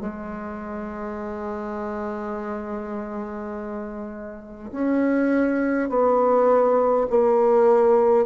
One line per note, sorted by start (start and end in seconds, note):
0.00 4.71 G#3
4.72 5.89 C#4
5.89 7.07 B3
7.10 8.26 A#3